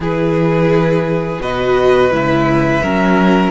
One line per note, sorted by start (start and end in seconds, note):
0.00 1.39 E3
0.00 1.40 E4
0.00 1.42 G#4
0.00 1.41 B4
1.40 2.11 B2
1.40 2.11 F#4
1.40 2.83 B4
1.40 2.12 D#5
2.11 2.82 C#2
2.11 2.81 E4
2.11 3.50 E5
2.82 3.50 F#3
2.82 3.50 C#4
2.82 3.50 A#4